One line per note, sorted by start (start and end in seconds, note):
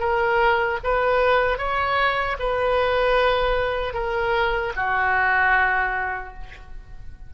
0.00 0.79 A#4
0.84 1.58 B4
1.58 2.37 C#5
2.39 3.94 B4
3.94 4.73 A#4
4.76 6.34 F#4